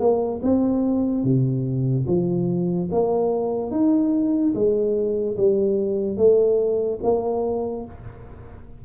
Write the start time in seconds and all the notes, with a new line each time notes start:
0.00 A#3
0.43 C4
1.24 C3
2.07 F3
2.92 A#3
3.71 D#4
4.55 G#3
5.37 G3
6.17 A3
7.03 A#3